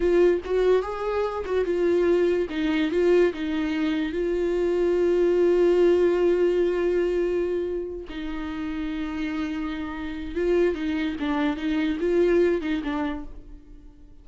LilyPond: \new Staff \with { instrumentName = "viola" } { \time 4/4 \tempo 4 = 145 f'4 fis'4 gis'4. fis'8 | f'2 dis'4 f'4 | dis'2 f'2~ | f'1~ |
f'2.~ f'8 dis'8~ | dis'1~ | dis'4 f'4 dis'4 d'4 | dis'4 f'4. dis'8 d'4 | }